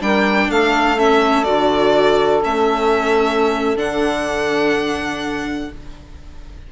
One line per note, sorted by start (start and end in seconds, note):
0.00 0.49 G3
0.00 0.97 D4
0.00 0.48 A#4
0.00 0.51 G5
0.48 1.47 A3
0.48 5.68 A4
0.48 0.99 F5
0.97 1.44 C#4
0.97 1.44 E5
1.44 2.44 D3
1.44 2.41 F#4
1.44 2.41 D5
2.43 3.76 A3
2.43 3.76 C#4
2.43 3.77 E5
3.76 5.69 D3
3.76 5.70 D4
3.76 5.72 F#5